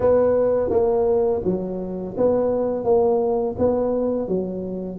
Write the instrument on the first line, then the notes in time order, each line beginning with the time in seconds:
tuba
0.00 B3
0.69 A#3
1.44 F#3
2.17 B3
2.84 A#3
3.58 B3
4.28 F#3